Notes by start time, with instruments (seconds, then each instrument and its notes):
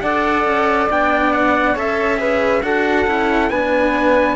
0.00 cello D4 A4, flute D5, trumpet F#5
0.45 cello C#4
0.90 cello B3 D4, trumpet G5
1.33 trumpet F#5
1.73 cello C#4 A4, flute C#5, trumpet E5
2.17 cello G#4, flute B4
2.62 cello D4 F#4, flute A4, trumpet F#5
3.07 cello C#4 E4
3.49 cello B3 D4, flute B4, trumpet G#5